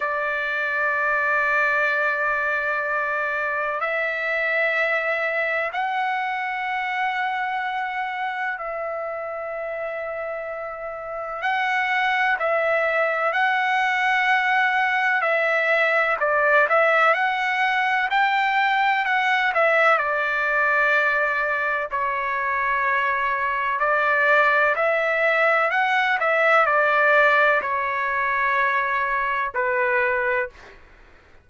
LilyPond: \new Staff \with { instrumentName = "trumpet" } { \time 4/4 \tempo 4 = 63 d''1 | e''2 fis''2~ | fis''4 e''2. | fis''4 e''4 fis''2 |
e''4 d''8 e''8 fis''4 g''4 | fis''8 e''8 d''2 cis''4~ | cis''4 d''4 e''4 fis''8 e''8 | d''4 cis''2 b'4 | }